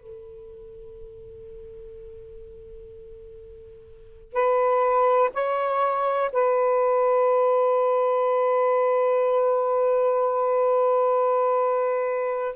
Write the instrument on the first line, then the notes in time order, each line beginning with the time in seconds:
saxophone
0.00 A4
4.33 B4
5.34 C#5
6.32 B4